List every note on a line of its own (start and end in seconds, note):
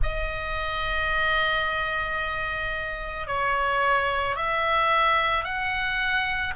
0.02 3.27 D#5
3.27 4.35 C#5
4.35 5.44 E5
5.44 6.53 F#5